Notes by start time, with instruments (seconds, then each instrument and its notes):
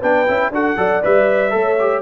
0.00 tuba B3, trombone D4, horn B4, trumpet G5
0.28 tuba C#4, trombone E4
0.51 tuba D4, trombone F#4, horn A4, trumpet F#5
0.77 tuba F#3, trombone A4, horn D5
1.03 tuba G3, trombone B4, trumpet E5
1.50 tuba A3, trombone A4, horn C#5
1.80 trombone G4